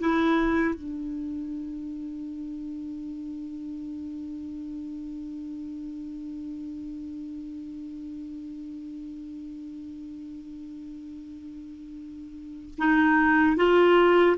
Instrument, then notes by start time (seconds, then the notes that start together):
clarinet
0.00 E4
0.75 D4
12.79 D#4
13.56 F4